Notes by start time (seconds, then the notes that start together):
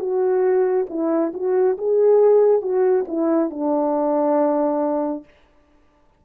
0.00 F#4
0.90 E4
1.34 F#4
1.78 G#4
2.62 F#4
3.08 E4
3.51 D4